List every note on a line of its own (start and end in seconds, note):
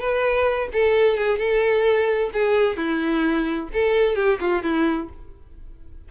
0.00 0.69 B4
0.73 1.18 A4
1.18 1.39 G#4
1.39 2.31 A4
2.34 2.77 G#4
2.77 3.69 E4
3.74 4.16 A4
4.16 4.39 G4
4.41 4.63 F4
4.63 5.09 E4